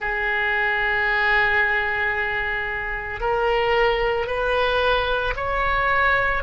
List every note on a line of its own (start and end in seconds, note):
0.00 3.20 G#4
3.20 4.27 A#4
4.27 5.34 B4
5.36 6.43 C#5